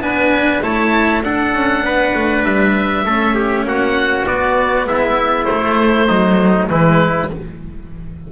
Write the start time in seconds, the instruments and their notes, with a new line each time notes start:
0.00 double bass B3, cello D4, trumpet B4, oboe G#5
0.62 double bass A3, cello E4, trumpet C#5, oboe A5
1.23 double bass D4, cello D4, trumpet A4, oboe F#5
1.54 double bass C#4
1.83 double bass B3, trumpet B4
2.15 double bass A3
2.44 double bass G3, oboe E5
3.05 double bass A3, cello C#4, trumpet A4
3.35 trumpet G4
3.64 double bass A#3, trumpet F#4, oboe F#5
4.26 cello B3, double bass B3, oboe D5
4.86 double bass G#3, trumpet E4, oboe E5
5.45 cello A3, double bass A3, oboe C5
6.09 cello F#3, trumpet D#4
6.69 double bass E3, cello G#3, trumpet E4, oboe B4